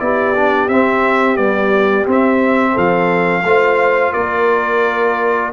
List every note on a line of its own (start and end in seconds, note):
0.00 0.69 B3
0.00 0.35 E4
0.00 2.73 G4
0.00 0.69 D5
0.35 0.70 D4
0.69 1.37 C4
0.69 1.38 C4
0.69 1.37 E5
1.37 2.06 G3
1.37 2.06 B3
1.37 2.06 D5
2.06 3.44 C4
2.06 2.76 C4
2.06 2.78 E5
2.73 3.44 F3
2.73 3.42 A4
2.73 4.14 F5
3.44 4.13 A3
3.44 5.53 F4
3.44 4.13 C5
4.13 5.53 A#3
4.13 5.51 A#4
4.13 5.51 D5